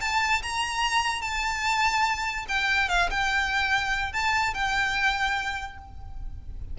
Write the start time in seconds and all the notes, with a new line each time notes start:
0.00 A5
0.42 A#5
1.21 A5
2.48 G5
2.89 F5
3.10 G5
4.12 A5
4.53 G5